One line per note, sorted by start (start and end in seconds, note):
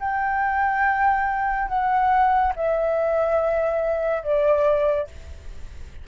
0.00 1.68 G5
1.68 2.53 F#5
2.55 4.23 E5
4.23 5.07 D5